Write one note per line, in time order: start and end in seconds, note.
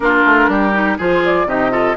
0.00 0.23 A#3
0.00 0.73 D4
0.00 0.49 F4
0.00 0.97 A#4
0.25 0.48 A3
0.48 0.97 G3
0.48 0.97 G4
0.73 0.97 D#4
0.97 1.45 F3
0.97 1.47 F4
0.97 1.47 G#4
0.97 1.23 C5
1.24 1.48 D5
1.45 1.94 C3
1.45 1.70 D#4
1.45 1.71 G4
1.45 1.97 D#5
1.70 1.95 F4
1.70 1.96 A4